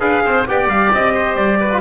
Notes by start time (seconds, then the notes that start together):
0.00 D4 G#4 B4 F5
0.25 C4 C5
0.48 B3 G4 D5 G5
0.67 G3 F5
0.93 C4 D#5
1.14 C5
1.36 G3 D5
1.61 B4
1.72 F4